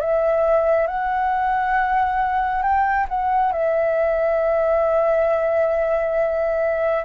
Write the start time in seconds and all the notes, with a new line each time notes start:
0.00 E5
0.87 F#5
2.62 G5
3.08 F#5
3.52 E5